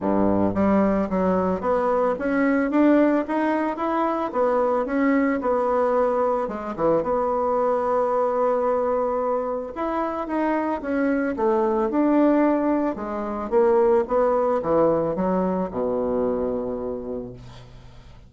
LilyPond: \new Staff \with { instrumentName = "bassoon" } { \time 4/4 \tempo 4 = 111 g,4 g4 fis4 b4 | cis'4 d'4 dis'4 e'4 | b4 cis'4 b2 | gis8 e8 b2.~ |
b2 e'4 dis'4 | cis'4 a4 d'2 | gis4 ais4 b4 e4 | fis4 b,2. | }